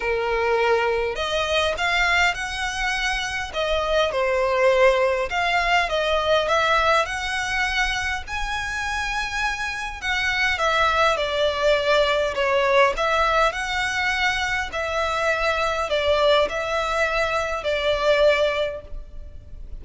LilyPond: \new Staff \with { instrumentName = "violin" } { \time 4/4 \tempo 4 = 102 ais'2 dis''4 f''4 | fis''2 dis''4 c''4~ | c''4 f''4 dis''4 e''4 | fis''2 gis''2~ |
gis''4 fis''4 e''4 d''4~ | d''4 cis''4 e''4 fis''4~ | fis''4 e''2 d''4 | e''2 d''2 | }